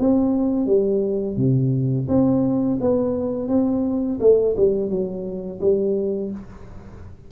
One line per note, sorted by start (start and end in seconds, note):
0.00 0.66 C4
0.66 1.37 G3
1.37 2.08 C3
2.09 2.79 C4
2.81 3.49 B3
3.49 4.19 C4
4.21 4.56 A3
4.57 4.90 G3
4.90 5.60 F#3
5.61 6.31 G3